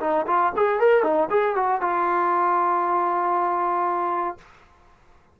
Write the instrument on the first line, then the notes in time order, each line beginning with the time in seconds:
trombone
0.00 D#4
0.27 F4
0.56 G#4
0.79 A#4
1.03 D#4
1.30 G#4
1.55 F#4
1.81 F4